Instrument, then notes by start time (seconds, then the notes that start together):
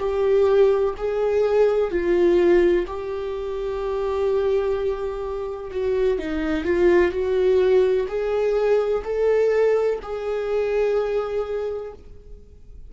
viola
0.00 G4
0.98 G#4
1.91 F4
2.87 G4
5.71 F#4
6.19 D#4
6.65 F4
7.12 F#4
8.08 G#4
9.04 A4
10.03 G#4